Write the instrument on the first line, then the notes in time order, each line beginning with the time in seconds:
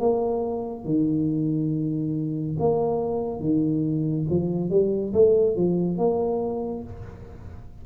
tuba
0.00 A#3
0.85 D#3
2.59 A#3
3.41 D#3
4.30 F3
4.71 G3
5.14 A3
5.56 F3
5.98 A#3